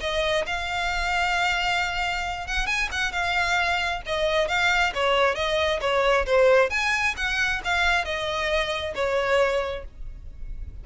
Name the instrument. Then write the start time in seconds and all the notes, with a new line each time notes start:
violin
0.00 D#5
0.46 F5
2.47 F#5
2.66 G#5
2.91 F#5
3.12 F5
4.06 D#5
4.48 F5
4.94 C#5
5.35 D#5
5.81 C#5
6.26 C5
6.69 G#5
7.17 F#5
7.64 F5
8.04 D#5
8.95 C#5